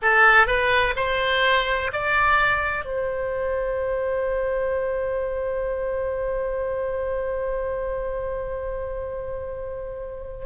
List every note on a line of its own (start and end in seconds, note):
0.02 0.46 A4
0.46 0.94 B4
0.95 1.90 C5
1.92 2.84 D5
2.84 10.45 C5